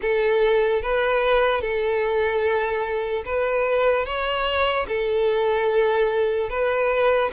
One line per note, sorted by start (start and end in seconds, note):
0.01 0.81 A4
0.81 1.61 B4
1.61 3.23 A4
3.25 4.05 B4
4.05 4.86 C#5
4.88 6.49 A4
6.49 7.30 B4